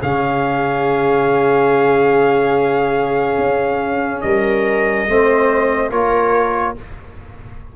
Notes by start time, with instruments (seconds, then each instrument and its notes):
0.00 tuba C#3, trombone C#4, viola G#4, trumpet F5
3.38 tuba C#4
4.21 tuba G3, viola A#4, trumpet D#5
5.08 tuba A3, trombone C4, viola C5
5.90 tuba A#3, trombone F4, viola A#4, trumpet C#5